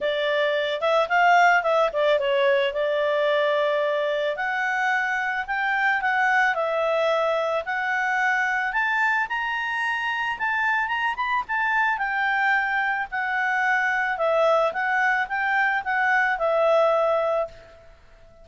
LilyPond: \new Staff \with { instrumentName = "clarinet" } { \time 4/4 \tempo 4 = 110 d''4. e''8 f''4 e''8 d''8 | cis''4 d''2. | fis''2 g''4 fis''4 | e''2 fis''2 |
a''4 ais''2 a''4 | ais''8 b''8 a''4 g''2 | fis''2 e''4 fis''4 | g''4 fis''4 e''2 | }